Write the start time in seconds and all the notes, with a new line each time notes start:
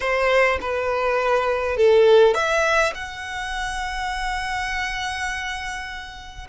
0.00 C5
0.60 B4
1.76 A4
2.34 E5
2.94 F#5